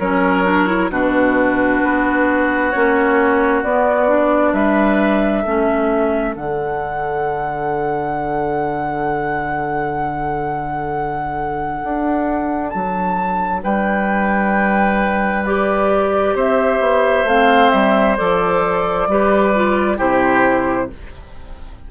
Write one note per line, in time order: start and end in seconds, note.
0.00 0.91 F#3
0.00 0.45 C#4
0.00 0.91 A#4
0.00 0.91 C#5
0.45 0.67 D4
0.67 0.90 E4
0.91 1.82 B2
0.91 2.74 D4
0.91 4.53 F#4
0.91 2.71 B4
1.83 2.74 B3
2.71 3.64 A#3
2.71 3.64 C#4
2.71 3.62 C#5
3.63 4.53 B3
3.63 4.08 B3
3.63 4.54 D5
4.08 5.45 D4
4.53 5.44 G3
4.53 5.43 B4
4.53 6.36 E5
5.43 6.36 A3
5.43 6.35 C#4
5.43 13.61 A4
6.35 11.81 D3
6.35 15.44 D4
6.35 12.70 F#5
11.84 12.75 D4
12.70 13.64 F#3
12.70 13.61 A5
13.64 16.35 G3
13.64 16.35 B4
13.64 15.45 G5
15.45 17.28 G4
15.45 16.36 D5
16.35 16.80 C4
16.35 19.08 C5
16.35 17.29 E5
16.80 17.25 B3
17.25 17.70 A3
17.25 18.18 C4
17.25 17.71 F5
17.71 18.19 G3
17.71 18.17 E5
18.17 19.08 F3
18.17 19.09 A4
18.17 19.99 D5
19.08 19.99 G3
19.08 19.55 G4
19.08 19.98 B4
19.55 19.98 F4
19.98 20.91 C3
19.98 20.89 E4
19.98 20.89 G4
19.98 20.90 C5